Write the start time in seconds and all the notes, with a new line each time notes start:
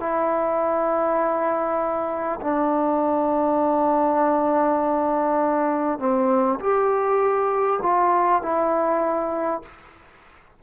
0.00 E4
2.41 D4
5.99 C4
6.60 G4
7.83 F4
8.42 E4